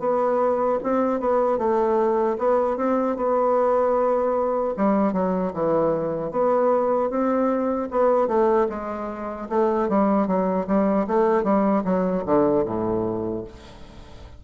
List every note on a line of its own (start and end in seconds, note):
0.00 0.79 B3
0.83 1.20 C4
1.20 1.58 B3
1.58 2.37 A3
2.39 2.77 B3
2.77 3.17 C4
3.17 4.74 B3
4.77 5.13 G3
5.13 5.53 F#3
5.54 6.31 E3
6.31 7.10 B3
7.10 7.89 C4
7.91 8.28 B3
8.28 8.67 A3
8.69 9.48 G#3
9.49 9.89 A3
9.89 10.27 G3
10.27 10.67 F#3
10.67 11.07 G3
11.07 11.44 A3
11.44 11.83 G3
11.85 12.24 F#3
12.25 12.65 D3
12.65 13.44 A2